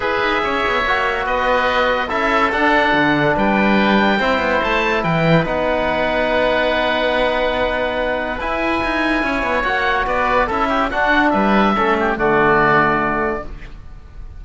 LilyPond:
<<
  \new Staff \with { instrumentName = "oboe" } { \time 4/4 \tempo 4 = 143 e''2. dis''4~ | dis''4 e''4 fis''2 | g''2. a''4 | g''4 fis''2.~ |
fis''1 | gis''2. fis''4 | d''4 e''4 fis''4 e''4~ | e''4 d''2. | }
  \new Staff \with { instrumentName = "oboe" } { \time 4/4 b'4 cis''2 b'4~ | b'4 a'2. | b'2 c''2 | b'1~ |
b'1~ | b'2 cis''2 | b'4 a'8 g'8 fis'4 b'4 | a'8 g'8 fis'2. | }
  \new Staff \with { instrumentName = "trombone" } { \time 4/4 gis'2 fis'2~ | fis'4 e'4 d'2~ | d'2 e'2~ | e'4 dis'2.~ |
dis'1 | e'2. fis'4~ | fis'4 e'4 d'2 | cis'4 a2. | }
  \new Staff \with { instrumentName = "cello" } { \time 4/4 e'8 dis'8 cis'8 b8 ais4 b4~ | b4 cis'4 d'4 d4 | g2 c'8 b8 a4 | e4 b2.~ |
b1 | e'4 dis'4 cis'8 b8 ais4 | b4 cis'4 d'4 g4 | a4 d2. | }
>>